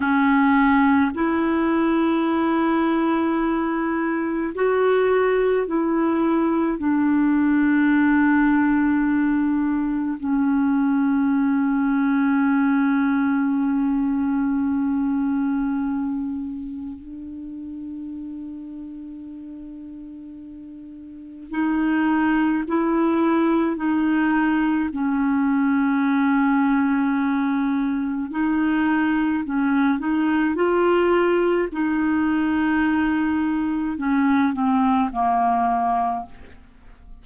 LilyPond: \new Staff \with { instrumentName = "clarinet" } { \time 4/4 \tempo 4 = 53 cis'4 e'2. | fis'4 e'4 d'2~ | d'4 cis'2.~ | cis'2. d'4~ |
d'2. dis'4 | e'4 dis'4 cis'2~ | cis'4 dis'4 cis'8 dis'8 f'4 | dis'2 cis'8 c'8 ais4 | }